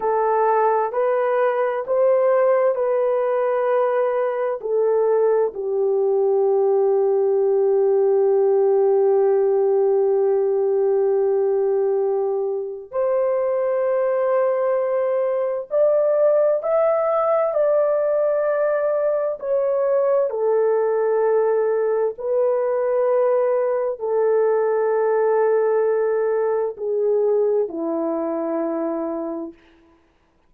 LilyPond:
\new Staff \with { instrumentName = "horn" } { \time 4/4 \tempo 4 = 65 a'4 b'4 c''4 b'4~ | b'4 a'4 g'2~ | g'1~ | g'2 c''2~ |
c''4 d''4 e''4 d''4~ | d''4 cis''4 a'2 | b'2 a'2~ | a'4 gis'4 e'2 | }